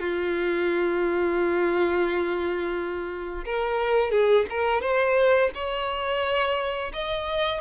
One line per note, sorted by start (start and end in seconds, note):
0.00 3.45 F4
3.45 4.12 A#4
4.12 4.46 G#4
4.50 4.82 A#4
4.82 5.51 C5
5.55 6.93 C#5
6.93 7.61 D#5